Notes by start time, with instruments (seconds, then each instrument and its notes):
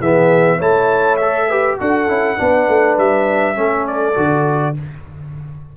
0.00 tuba E3, trombone B3, horn G#4, trumpet E5
0.58 tuba A3, trombone E4, horn C#5, trumpet A5
1.17 trombone A4, trumpet E5
1.49 trombone G4, horn B4
1.80 tuba D4, trombone F#4, horn A4, trumpet F#5
2.08 tuba C#4, trombone E4
2.37 tuba B3, trombone D4, horn B4
2.69 tuba A3
2.98 tuba G3, trumpet E5
3.55 tuba A3, trombone C#4, horn A4
3.87 trumpet D5
4.15 tuba D3, trombone F#4